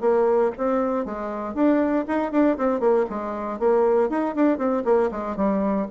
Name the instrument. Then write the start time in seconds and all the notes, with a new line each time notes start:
bassoon
0.00 A#3
0.57 C4
1.05 G#3
1.54 D4
2.07 D#4
2.32 D4
2.57 C4
2.80 A#3
3.09 G#3
3.59 A#3
4.10 D#4
4.35 D4
4.58 C4
4.84 A#3
5.11 G#3
5.36 G3